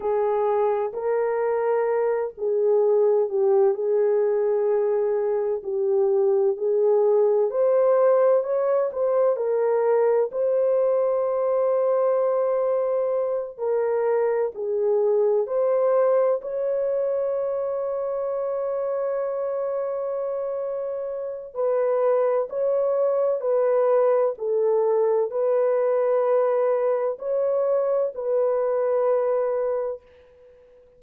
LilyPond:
\new Staff \with { instrumentName = "horn" } { \time 4/4 \tempo 4 = 64 gis'4 ais'4. gis'4 g'8 | gis'2 g'4 gis'4 | c''4 cis''8 c''8 ais'4 c''4~ | c''2~ c''8 ais'4 gis'8~ |
gis'8 c''4 cis''2~ cis''8~ | cis''2. b'4 | cis''4 b'4 a'4 b'4~ | b'4 cis''4 b'2 | }